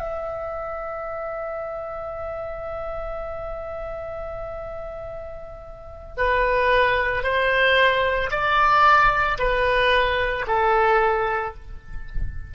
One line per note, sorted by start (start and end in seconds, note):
0.00 6.16 E5
6.18 7.24 B4
7.24 8.31 C5
8.31 9.38 D5
9.39 10.46 B4
10.48 11.55 A4